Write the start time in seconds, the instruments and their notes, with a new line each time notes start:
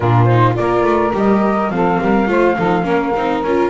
0.00 double bass A#2, viola D4, saxophone F4, flute A#4
0.24 viola D#4, flute C5
0.53 double bass A#3, viola F4, saxophone A#4, flute D5
0.83 double bass A3
1.12 double bass G3, viola G4, flute D#5
1.70 double bass F3, viola C4, saxophone A4, flute F5
2.01 double bass G3, saxophone A#4
2.26 double bass A3, viola F4, saxophone C5
2.56 double bass F3, viola D#4, saxophone A4
2.82 double bass A#3, viola C#4, saxophone A#4
3.16 double bass C4, viola D#4
3.43 double bass C#4, viola F4, flute A#4